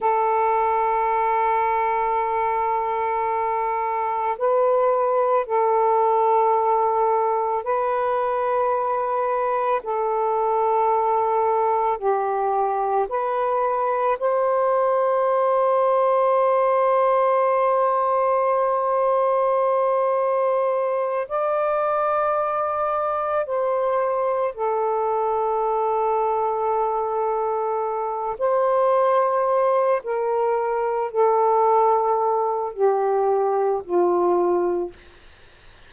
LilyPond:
\new Staff \with { instrumentName = "saxophone" } { \time 4/4 \tempo 4 = 55 a'1 | b'4 a'2 b'4~ | b'4 a'2 g'4 | b'4 c''2.~ |
c''2.~ c''8 d''8~ | d''4. c''4 a'4.~ | a'2 c''4. ais'8~ | ais'8 a'4. g'4 f'4 | }